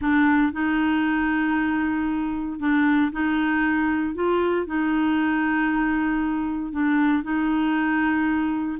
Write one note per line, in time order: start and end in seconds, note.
0.01 0.52 D4
0.52 2.59 D#4
2.59 3.11 D4
3.12 4.14 D#4
4.14 4.66 F4
4.66 6.72 D#4
6.72 7.23 D4
7.23 8.78 D#4